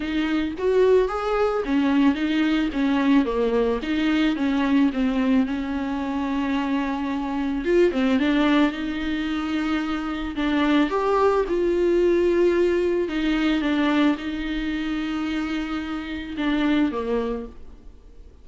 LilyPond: \new Staff \with { instrumentName = "viola" } { \time 4/4 \tempo 4 = 110 dis'4 fis'4 gis'4 cis'4 | dis'4 cis'4 ais4 dis'4 | cis'4 c'4 cis'2~ | cis'2 f'8 c'8 d'4 |
dis'2. d'4 | g'4 f'2. | dis'4 d'4 dis'2~ | dis'2 d'4 ais4 | }